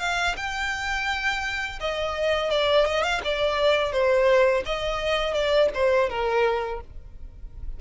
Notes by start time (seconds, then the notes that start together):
0.00 F5
0.37 G5
1.81 D#5
2.51 D5
2.86 D#5
3.04 F5
3.25 D5
3.93 C5
4.66 D#5
5.34 D5
5.74 C5
6.10 A#4